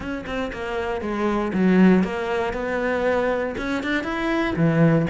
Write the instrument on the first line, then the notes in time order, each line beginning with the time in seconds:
cello
0.00 C#4
0.26 C4
0.52 A#3
1.01 G#3
1.53 F#3
2.03 A#3
2.53 B3
3.57 C#4
3.83 D4
4.03 E4
4.56 E3